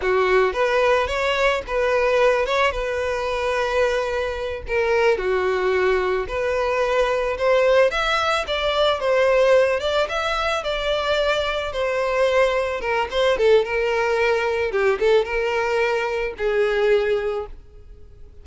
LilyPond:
\new Staff \with { instrumentName = "violin" } { \time 4/4 \tempo 4 = 110 fis'4 b'4 cis''4 b'4~ | b'8 cis''8 b'2.~ | b'8 ais'4 fis'2 b'8~ | b'4. c''4 e''4 d''8~ |
d''8 c''4. d''8 e''4 d''8~ | d''4. c''2 ais'8 | c''8 a'8 ais'2 g'8 a'8 | ais'2 gis'2 | }